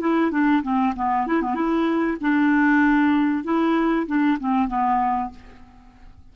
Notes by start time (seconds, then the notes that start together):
0.00 E4
0.31 D4
0.63 C4
0.96 B3
1.27 E4
1.42 B3
1.55 E4
2.21 D4
3.44 E4
4.07 D4
4.39 C4
4.68 B3